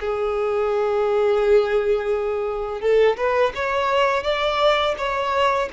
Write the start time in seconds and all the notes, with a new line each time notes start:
0.00 G#4
2.81 A4
3.17 B4
3.55 C#5
4.23 D5
4.97 C#5